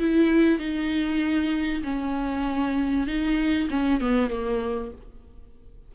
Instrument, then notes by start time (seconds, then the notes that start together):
viola
0.00 E4
0.59 D#4
1.84 C#4
3.07 D#4
3.71 C#4
4.01 B3
4.30 A#3